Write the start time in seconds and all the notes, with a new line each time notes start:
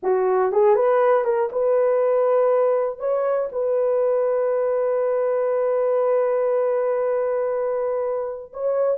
0.02 F#4
0.52 G#4
0.75 B4
1.24 A#4
1.51 B4
2.99 C#5
3.51 B4
8.53 C#5